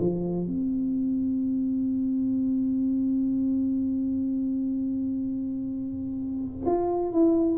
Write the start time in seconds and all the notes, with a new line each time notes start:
0.00 F3
0.47 C4
6.66 F4
7.12 E4